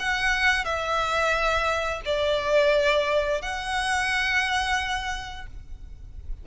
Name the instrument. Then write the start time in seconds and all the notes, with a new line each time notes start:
violin
0.00 F#5
0.65 E5
2.05 D5
3.42 F#5